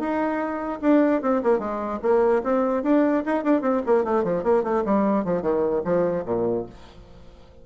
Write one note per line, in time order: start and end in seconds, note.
0.00 0.81 D#4
0.82 1.22 D4
1.22 1.43 C4
1.44 1.60 A#3
1.60 2.00 G#3
2.02 2.43 A#3
2.44 2.84 C4
2.84 3.24 D4
3.26 3.44 D#4
3.44 3.62 D4
3.62 3.82 C4
3.87 4.05 A#3
4.05 4.24 A3
4.24 4.44 F3
4.44 4.64 A#3
4.64 4.84 A3
4.85 5.25 G3
5.25 5.42 F3
5.42 5.82 D#3
5.85 6.25 F3
6.26 6.66 A#2